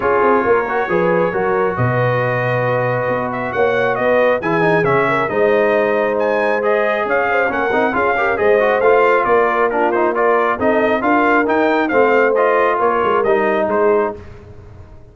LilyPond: <<
  \new Staff \with { instrumentName = "trumpet" } { \time 4/4 \tempo 4 = 136 cis''1 | dis''2.~ dis''8 e''8 | fis''4 dis''4 gis''4 e''4 | dis''2 gis''4 dis''4 |
f''4 fis''4 f''4 dis''4 | f''4 d''4 ais'8 c''8 d''4 | dis''4 f''4 g''4 f''4 | dis''4 cis''4 dis''4 c''4 | }
  \new Staff \with { instrumentName = "horn" } { \time 4/4 gis'4 ais'4 b'4 ais'4 | b'1 | cis''4 b'4 gis'4. ais'8 | c''1 |
cis''8 c''8 ais'4 gis'8 ais'8 c''4~ | c''4 ais'4 f'4 ais'4 | a'4 ais'2 c''4~ | c''4 ais'2 gis'4 | }
  \new Staff \with { instrumentName = "trombone" } { \time 4/4 f'4. fis'8 gis'4 fis'4~ | fis'1~ | fis'2 e'8 dis'8 cis'4 | dis'2. gis'4~ |
gis'4 cis'8 dis'8 f'8 g'8 gis'8 fis'8 | f'2 d'8 dis'8 f'4 | dis'4 f'4 dis'4 c'4 | f'2 dis'2 | }
  \new Staff \with { instrumentName = "tuba" } { \time 4/4 cis'8 c'8 ais4 f4 fis4 | b,2. b4 | ais4 b4 e4 cis4 | gis1 |
cis'4 ais8 c'8 cis'4 gis4 | a4 ais2. | c'4 d'4 dis'4 a4~ | a4 ais8 gis8 g4 gis4 | }
>>